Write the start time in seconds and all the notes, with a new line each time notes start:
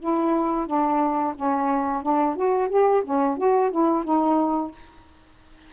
0.00 E4
0.67 D4
1.36 C#4
2.03 D4
2.36 F#4
2.69 G4
3.04 C#4
3.38 F#4
3.71 E4
4.04 D#4